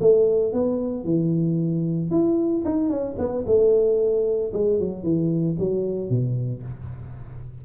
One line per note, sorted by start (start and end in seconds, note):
0.00 0.53 A3
0.53 1.04 B3
1.04 2.10 E3
2.11 2.64 E4
2.65 2.89 D#4
2.89 3.16 C#4
3.18 3.45 B3
3.46 4.52 A3
4.53 4.79 G#3
4.79 5.03 F#3
5.03 5.56 E3
5.58 6.09 F#3
6.09 6.62 B2